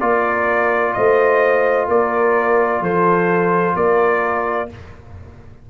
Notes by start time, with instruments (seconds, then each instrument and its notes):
0.00 tuba A#3, trombone F4, horn A#4, trumpet D5
0.93 tuba A3, horn C5, trumpet D#5
1.88 tuba A#3, horn A#4, trumpet D5
2.81 tuba F3, horn A4, trumpet C5
3.75 tuba A#3, horn A#4, trumpet D5